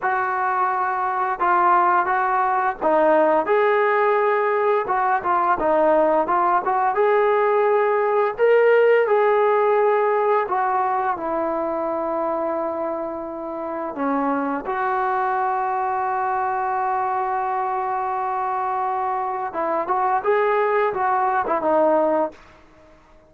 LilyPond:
\new Staff \with { instrumentName = "trombone" } { \time 4/4 \tempo 4 = 86 fis'2 f'4 fis'4 | dis'4 gis'2 fis'8 f'8 | dis'4 f'8 fis'8 gis'2 | ais'4 gis'2 fis'4 |
e'1 | cis'4 fis'2.~ | fis'1 | e'8 fis'8 gis'4 fis'8. e'16 dis'4 | }